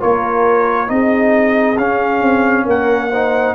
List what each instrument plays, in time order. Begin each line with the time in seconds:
0.00 tuba A#3, trombone F4, horn A#4, trumpet C#5
0.87 tuba C4, trombone D#4, horn G#4, trumpet D#5
1.77 tuba C#4, trombone C#4, trumpet F5
2.21 tuba C4
2.65 tuba A#3, horn A#4, trumpet F#5
3.10 trombone D#4, horn C5